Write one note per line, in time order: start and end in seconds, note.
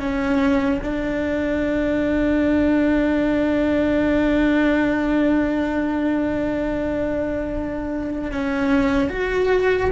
0.00 0.81 C#4
0.83 8.32 D4
8.32 9.10 C#4
9.10 9.91 F#4